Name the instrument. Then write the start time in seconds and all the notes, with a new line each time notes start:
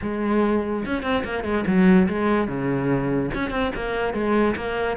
cello
0.02 G#3
0.85 C#4
1.02 C4
1.24 A#3
1.44 G#3
1.66 F#3
2.08 G#3
2.47 C#3
3.34 C#4
3.50 C4
3.75 A#3
4.13 G#3
4.56 A#3